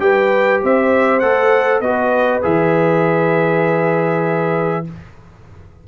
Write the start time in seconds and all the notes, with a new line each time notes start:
0.00 G3 G4 B4 G5
0.63 C4 C5 E5
1.20 A3 A4 F#5
1.81 B3 F#4 B4 D#5
2.42 E3 G#4 E5